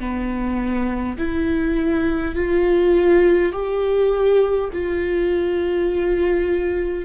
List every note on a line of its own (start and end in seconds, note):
0.00 1.18 B3
1.18 2.35 E4
2.35 3.53 F4
3.53 4.71 G4
4.73 7.05 F4